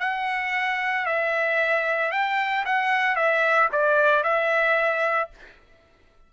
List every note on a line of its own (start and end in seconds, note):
0.00 1.06 F#5
1.06 2.11 E5
2.11 2.65 G5
2.65 3.16 F#5
3.16 3.69 E5
3.72 4.24 D5
4.24 5.30 E5